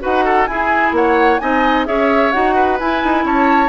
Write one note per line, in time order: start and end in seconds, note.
0.00 0.47 D#4
0.00 0.46 F#4
0.00 0.24 B4
0.00 0.45 F#5
0.24 0.47 A4
0.45 0.92 E4
0.45 1.40 E4
0.45 0.96 G#4
0.45 0.91 G#5
0.92 1.38 A#3
0.92 1.41 C#5
0.92 1.38 F#5
1.38 1.87 C4
1.38 1.85 D#4
1.38 1.87 D#5
1.38 1.85 G#5
1.85 2.33 C#4
1.85 2.32 G#4
1.85 2.55 C#5
1.85 2.31 E5
2.31 2.80 D#4
2.31 2.78 F#4
2.31 2.77 F#5
2.55 3.24 B4
2.79 3.68 E4
2.79 3.03 E4
2.79 3.25 G#5
3.03 3.24 D#4
3.24 3.68 C#4
3.24 3.68 C#5
3.24 3.68 A5